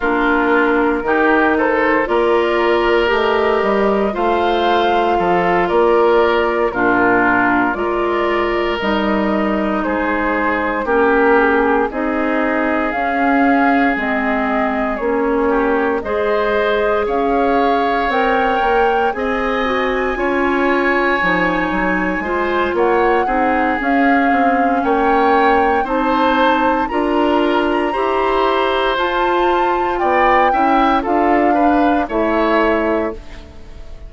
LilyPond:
<<
  \new Staff \with { instrumentName = "flute" } { \time 4/4 \tempo 4 = 58 ais'4. c''8 d''4 dis''4 | f''4. d''4 ais'4 d''8~ | d''8 dis''4 c''4 ais'8 gis'8 dis''8~ | dis''8 f''4 dis''4 cis''4 dis''8~ |
dis''8 f''4 g''4 gis''4.~ | gis''2 fis''4 f''4 | g''4 a''4 ais''2 | a''4 g''4 f''4 e''4 | }
  \new Staff \with { instrumentName = "oboe" } { \time 4/4 f'4 g'8 a'8 ais'2 | c''4 a'8 ais'4 f'4 ais'8~ | ais'4. gis'4 g'4 gis'8~ | gis'2. g'8 c''8~ |
c''8 cis''2 dis''4 cis''8~ | cis''4. c''8 cis''8 gis'4. | cis''4 c''4 ais'4 c''4~ | c''4 d''8 e''8 a'8 b'8 cis''4 | }
  \new Staff \with { instrumentName = "clarinet" } { \time 4/4 d'4 dis'4 f'4 g'4 | f'2~ f'8 d'4 f'8~ | f'8 dis'2 cis'4 dis'8~ | dis'8 cis'4 c'4 cis'4 gis'8~ |
gis'4. ais'4 gis'8 fis'8 f'8~ | f'8 dis'4 f'4 dis'8 cis'4~ | cis'4 dis'4 f'4 g'4 | f'4. e'8 f'8 d'8 e'4 | }
  \new Staff \with { instrumentName = "bassoon" } { \time 4/4 ais4 dis4 ais4 a8 g8 | a4 f8 ais4 ais,4 gis8~ | gis8 g4 gis4 ais4 c'8~ | c'8 cis'4 gis4 ais4 gis8~ |
gis8 cis'4 c'8 ais8 c'4 cis'8~ | cis'8 f8 fis8 gis8 ais8 c'8 cis'8 c'8 | ais4 c'4 d'4 e'4 | f'4 b8 cis'8 d'4 a4 | }
>>